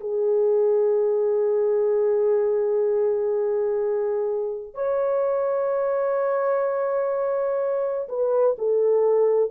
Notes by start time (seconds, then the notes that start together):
0.00 G#4
4.74 C#5
8.08 B4
8.58 A4